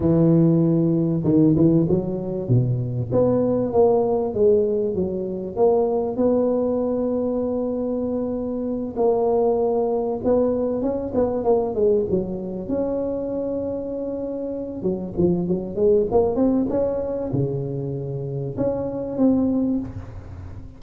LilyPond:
\new Staff \with { instrumentName = "tuba" } { \time 4/4 \tempo 4 = 97 e2 dis8 e8 fis4 | b,4 b4 ais4 gis4 | fis4 ais4 b2~ | b2~ b8 ais4.~ |
ais8 b4 cis'8 b8 ais8 gis8 fis8~ | fis8 cis'2.~ cis'8 | fis8 f8 fis8 gis8 ais8 c'8 cis'4 | cis2 cis'4 c'4 | }